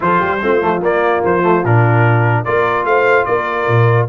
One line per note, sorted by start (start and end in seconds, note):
0.00 0.22 F3
0.00 0.38 F4
0.00 0.20 A4
0.00 0.83 C5
0.20 0.42 G3
0.20 0.40 G4
0.41 0.62 A3
0.41 0.60 C4
0.41 2.45 F4
0.60 0.82 F3
0.60 0.81 A3
0.82 1.22 A#3
0.82 1.42 A#3
0.82 1.24 D5
1.24 1.64 F3
1.24 1.65 C5
1.42 1.62 A3
1.64 2.45 A#2
1.64 2.45 D4
1.64 2.44 A#4
2.44 2.84 A#3
2.44 4.08 F4
2.44 2.85 A#4
2.44 2.85 D5
2.84 3.25 A3
2.84 3.27 C5
2.84 3.25 F5
3.25 3.67 A#3
3.25 4.08 A#4
3.25 4.06 D5
3.67 4.08 A#2